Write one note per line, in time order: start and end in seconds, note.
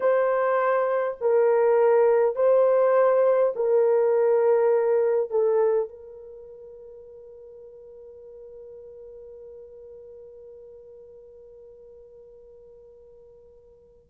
0.00 1.17 C5
1.20 2.35 A#4
2.35 3.53 C5
3.55 5.30 A#4
5.30 5.88 A4
5.88 14.10 A#4